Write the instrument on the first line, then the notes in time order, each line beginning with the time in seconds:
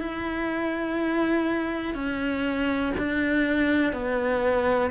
cello
0.00 E4
1.94 C#4
2.98 D4
3.93 B3